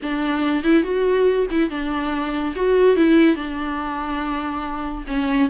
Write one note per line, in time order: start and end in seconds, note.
0.02 0.63 D4
0.63 0.83 E4
0.83 1.46 F#4
1.50 1.70 E4
1.70 2.54 D4
2.55 2.96 F#4
2.96 3.35 E4
3.35 5.04 D4
5.07 5.49 C#4